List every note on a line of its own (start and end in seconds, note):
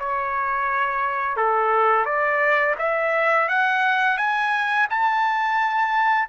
0.00 1.37 C#5
1.37 2.06 A4
2.06 2.76 D5
2.79 3.49 E5
3.49 4.18 F#5
4.18 4.88 G#5
4.91 6.29 A5